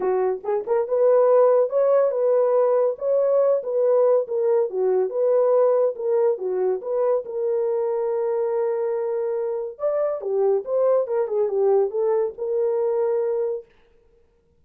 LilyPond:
\new Staff \with { instrumentName = "horn" } { \time 4/4 \tempo 4 = 141 fis'4 gis'8 ais'8 b'2 | cis''4 b'2 cis''4~ | cis''8 b'4. ais'4 fis'4 | b'2 ais'4 fis'4 |
b'4 ais'2.~ | ais'2. d''4 | g'4 c''4 ais'8 gis'8 g'4 | a'4 ais'2. | }